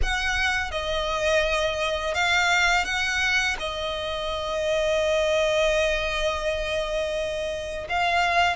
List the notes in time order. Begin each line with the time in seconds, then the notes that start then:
0.02 F#5
0.71 D#5
2.14 F5
2.84 F#5
3.59 D#5
7.89 F5